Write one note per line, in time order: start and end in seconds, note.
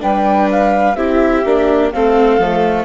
0.00 0.95 G3
0.00 0.95 D4
0.00 0.97 B4
0.00 0.50 G5
0.51 0.96 F5
0.95 1.43 C4
0.95 1.45 E4
0.95 1.92 G4
0.95 1.91 E5
1.45 1.92 A#3
1.45 1.93 D4
1.91 2.38 A3
1.91 2.41 C4
1.91 2.85 A4
1.91 2.85 F5
2.38 2.85 F3
2.38 2.85 A3